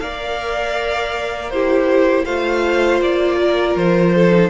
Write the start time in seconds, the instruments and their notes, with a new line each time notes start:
0.00 cello A#3, viola A#4, violin D5 F5
1.50 viola E4, violin G4 C5
2.25 cello A3, viola F4, violin C5 F5
3.00 cello A#3, violin D5
3.41 violin A#4
3.76 cello F3, violin C5
4.15 violin A4
4.32 viola D#4